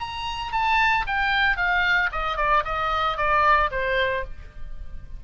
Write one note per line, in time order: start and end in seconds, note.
0.00 0.52 A#5
0.52 1.05 A5
1.07 1.57 G5
1.57 2.10 F5
2.12 2.37 D#5
2.37 2.63 D5
2.65 3.17 D#5
3.17 3.70 D5
3.71 4.24 C5